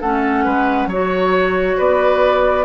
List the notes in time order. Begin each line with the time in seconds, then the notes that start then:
0.00 A3 C#4 A4 F#5
0.44 G#3 B4
0.86 F#3 F#4 C#5
1.76 B3 B4 D5